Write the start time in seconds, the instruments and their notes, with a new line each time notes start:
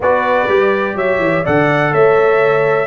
0.00 tuba B3, trombone F#4, horn B4, trumpet D5
0.47 tuba G3, trombone G4
0.95 tuba F#3, horn C#5, trumpet E5
1.19 tuba E3
1.43 tuba D3, trombone A4, horn D5, trumpet F#5
1.92 tuba A3, horn C#5, trumpet E5